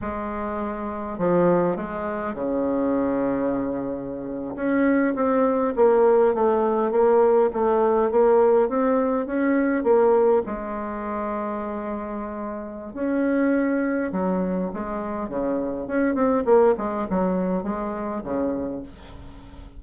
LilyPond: \new Staff \with { instrumentName = "bassoon" } { \time 4/4 \tempo 4 = 102 gis2 f4 gis4 | cis2.~ cis8. cis'16~ | cis'8. c'4 ais4 a4 ais16~ | ais8. a4 ais4 c'4 cis'16~ |
cis'8. ais4 gis2~ gis16~ | gis2 cis'2 | fis4 gis4 cis4 cis'8 c'8 | ais8 gis8 fis4 gis4 cis4 | }